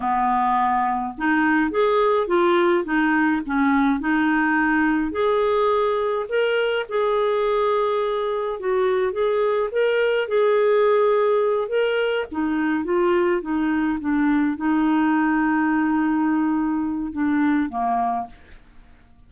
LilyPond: \new Staff \with { instrumentName = "clarinet" } { \time 4/4 \tempo 4 = 105 b2 dis'4 gis'4 | f'4 dis'4 cis'4 dis'4~ | dis'4 gis'2 ais'4 | gis'2. fis'4 |
gis'4 ais'4 gis'2~ | gis'8 ais'4 dis'4 f'4 dis'8~ | dis'8 d'4 dis'2~ dis'8~ | dis'2 d'4 ais4 | }